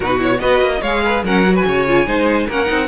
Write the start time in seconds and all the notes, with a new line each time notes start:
0.00 B2 D#4 F#4 B4
0.18 E4 C#5
0.39 B3 F#4 B4 D#5
0.60 A#3
0.73 D#5
0.81 G#3 G#4 C#5 F5
1.04 B4
1.22 F#3 C#4 A#4 F#5
1.46 F#4
1.54 B4 G#5
1.66 C#3 C#5
1.87 F4
2.06 G#3 D#4 C5
2.46 A#3 C#4 A#4 F#5
2.66 C4 D#4